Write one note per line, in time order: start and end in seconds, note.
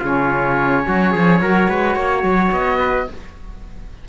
0.00 0.86 C#3
0.00 1.41 C#4
0.00 0.83 F4
0.00 2.53 C#5
0.87 1.15 F#3
0.87 1.12 F#4
1.12 1.40 F3
1.12 1.40 G#4
1.40 1.68 F#3
1.40 3.09 F#4
1.40 1.69 A#4
1.69 1.96 G#3
1.69 1.96 B4
1.96 2.23 A#3
1.96 2.79 C#5
2.23 2.51 F#3
2.52 3.07 B3
2.52 3.08 D#5
2.79 3.07 B4